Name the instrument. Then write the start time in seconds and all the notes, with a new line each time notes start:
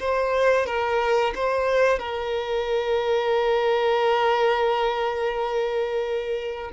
violin
0.00 C5
0.66 A#4
1.35 C5
1.99 A#4